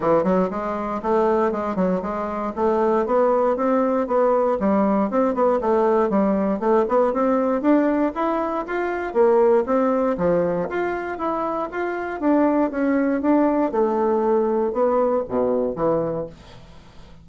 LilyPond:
\new Staff \with { instrumentName = "bassoon" } { \time 4/4 \tempo 4 = 118 e8 fis8 gis4 a4 gis8 fis8 | gis4 a4 b4 c'4 | b4 g4 c'8 b8 a4 | g4 a8 b8 c'4 d'4 |
e'4 f'4 ais4 c'4 | f4 f'4 e'4 f'4 | d'4 cis'4 d'4 a4~ | a4 b4 b,4 e4 | }